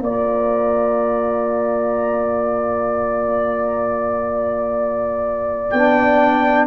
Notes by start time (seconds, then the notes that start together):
0.00 A#3 F4 D5 A#5
5.71 B3 D4 G5